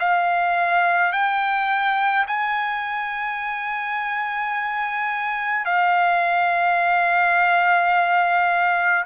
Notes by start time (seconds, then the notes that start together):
0.00 F5
1.13 G5
2.27 G#5
5.66 F5